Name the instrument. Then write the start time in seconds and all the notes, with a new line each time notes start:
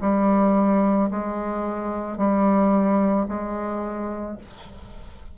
bassoon
0.00 G3
1.10 G#3
2.17 G3
3.28 G#3